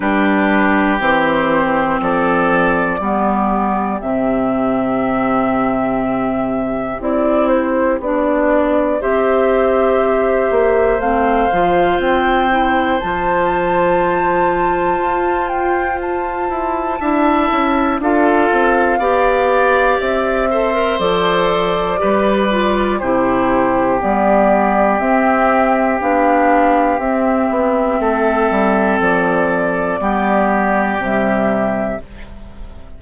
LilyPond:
<<
  \new Staff \with { instrumentName = "flute" } { \time 4/4 \tempo 4 = 60 b'4 c''4 d''2 | e''2. d''8 c''8 | d''4 e''2 f''4 | g''4 a''2~ a''8 g''8 |
a''2 f''2 | e''4 d''2 c''4 | d''4 e''4 f''4 e''4~ | e''4 d''2 e''4 | }
  \new Staff \with { instrumentName = "oboe" } { \time 4/4 g'2 a'4 g'4~ | g'1~ | g'4 c''2.~ | c''1~ |
c''4 e''4 a'4 d''4~ | d''8 c''4. b'4 g'4~ | g'1 | a'2 g'2 | }
  \new Staff \with { instrumentName = "clarinet" } { \time 4/4 d'4 c'2 b4 | c'2. e'4 | d'4 g'2 c'8 f'8~ | f'8 e'8 f'2.~ |
f'4 e'4 f'4 g'4~ | g'8 a'16 ais'16 a'4 g'8 f'8 e'4 | b4 c'4 d'4 c'4~ | c'2 b4 g4 | }
  \new Staff \with { instrumentName = "bassoon" } { \time 4/4 g4 e4 f4 g4 | c2. c'4 | b4 c'4. ais8 a8 f8 | c'4 f2 f'4~ |
f'8 e'8 d'8 cis'8 d'8 c'8 b4 | c'4 f4 g4 c4 | g4 c'4 b4 c'8 b8 | a8 g8 f4 g4 c4 | }
>>